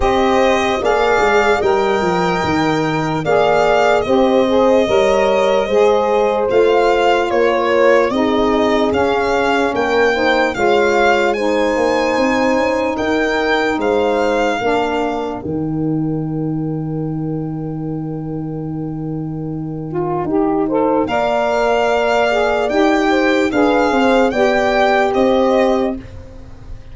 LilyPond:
<<
  \new Staff \with { instrumentName = "violin" } { \time 4/4 \tempo 4 = 74 dis''4 f''4 g''2 | f''4 dis''2. | f''4 cis''4 dis''4 f''4 | g''4 f''4 gis''2 |
g''4 f''2 g''4~ | g''1~ | g''2 f''2 | g''4 f''4 g''4 dis''4 | }
  \new Staff \with { instrumentName = "horn" } { \time 4/4 c''4 d''4 dis''2 | d''4 c''4 cis''4 c''4~ | c''4 ais'4 gis'2 | ais'8 c''8 cis''4 c''2 |
ais'4 c''4 ais'2~ | ais'1~ | ais'4. c''8 d''2~ | d''8 c''8 b'8 c''8 d''4 c''4 | }
  \new Staff \with { instrumentName = "saxophone" } { \time 4/4 g'4 gis'4 ais'2 | gis'4 g'8 gis'8 ais'4 gis'4 | f'2 dis'4 cis'4~ | cis'8 dis'8 f'4 dis'2~ |
dis'2 d'4 dis'4~ | dis'1~ | dis'8 f'8 g'8 a'8 ais'4. gis'8 | g'4 gis'4 g'2 | }
  \new Staff \with { instrumentName = "tuba" } { \time 4/4 c'4 ais8 gis8 g8 f8 dis4 | ais4 c'4 g4 gis4 | a4 ais4 c'4 cis'4 | ais4 gis4. ais8 c'8 cis'8 |
dis'4 gis4 ais4 dis4~ | dis1~ | dis4 dis'4 ais2 | dis'4 d'8 c'8 b4 c'4 | }
>>